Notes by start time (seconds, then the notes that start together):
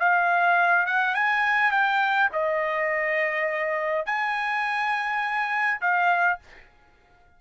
0.00 F5
0.87 F#5
1.15 G#5
1.72 G5
2.33 D#5
4.06 G#5
5.81 F5